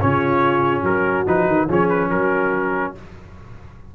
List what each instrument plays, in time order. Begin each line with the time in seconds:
0.00 tuba C#3, trombone C#4, horn F4, trumpet C#5
0.83 tuba F#3, horn F#4, trumpet A#4
1.27 tuba F3, trombone D#4, trumpet B4
1.48 tuba D#3
1.67 tuba F3, trombone C#4, horn G#4, trumpet C#5
1.89 trumpet B4
2.09 tuba F#3, horn F#4, trumpet A#4